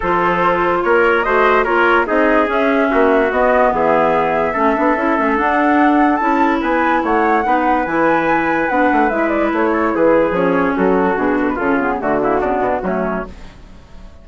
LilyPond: <<
  \new Staff \with { instrumentName = "flute" } { \time 4/4 \tempo 4 = 145 c''2 cis''4 dis''4 | cis''4 dis''4 e''2 | dis''4 e''2.~ | e''4 fis''2 a''4 |
gis''4 fis''2 gis''4~ | gis''4 fis''4 e''8 d''8 cis''4 | b'4 cis''4 a'4 gis'8 a'16 b'16 | a'8 gis'8 fis'2. | }
  \new Staff \with { instrumentName = "trumpet" } { \time 4/4 a'2 ais'4 c''4 | ais'4 gis'2 fis'4~ | fis'4 gis'2 a'4~ | a'1 |
b'4 cis''4 b'2~ | b'2.~ b'8 a'8 | gis'2 fis'2 | f'4 fis'8 e'8 d'4 cis'4 | }
  \new Staff \with { instrumentName = "clarinet" } { \time 4/4 f'2. fis'4 | f'4 dis'4 cis'2 | b2. cis'8 d'8 | e'8 cis'8 d'2 e'4~ |
e'2 dis'4 e'4~ | e'4 d'4 e'2~ | e'4 cis'2 d'4 | cis'8 b8 a8 ais8 b4 a4 | }
  \new Staff \with { instrumentName = "bassoon" } { \time 4/4 f2 ais4 a4 | ais4 c'4 cis'4 ais4 | b4 e2 a8 b8 | cis'8 a8 d'2 cis'4 |
b4 a4 b4 e4~ | e4 b8 a8 gis4 a4 | e4 f4 fis4 b,4 | cis4 d4 cis8 b,8 fis4 | }
>>